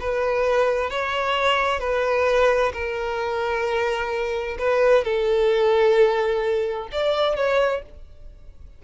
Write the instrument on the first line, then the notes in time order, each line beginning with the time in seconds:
violin
0.00 B4
0.90 C#5
1.80 B4
2.73 A#4
4.59 B4
5.04 A4
6.92 D5
7.36 C#5